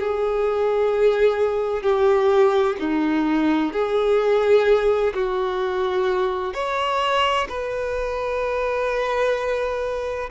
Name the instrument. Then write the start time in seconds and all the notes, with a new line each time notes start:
violin
0.00 G#4
1.83 G4
2.80 D#4
3.73 G#4
5.14 F#4
6.54 C#5
7.49 B4